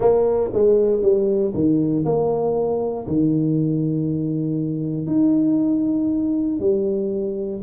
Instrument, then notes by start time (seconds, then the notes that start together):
tuba
0.00 A#3
0.53 G#3
1.02 G3
1.53 D#3
2.05 A#3
3.07 D#3
5.07 D#4
6.59 G3